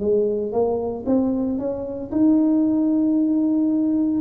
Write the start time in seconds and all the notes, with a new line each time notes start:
0.00 G#3
0.53 A#3
1.07 C4
1.59 C#4
2.11 D#4